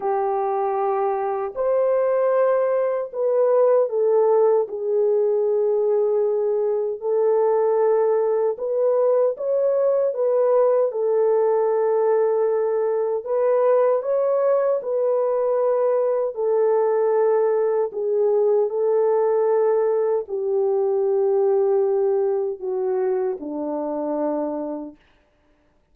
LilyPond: \new Staff \with { instrumentName = "horn" } { \time 4/4 \tempo 4 = 77 g'2 c''2 | b'4 a'4 gis'2~ | gis'4 a'2 b'4 | cis''4 b'4 a'2~ |
a'4 b'4 cis''4 b'4~ | b'4 a'2 gis'4 | a'2 g'2~ | g'4 fis'4 d'2 | }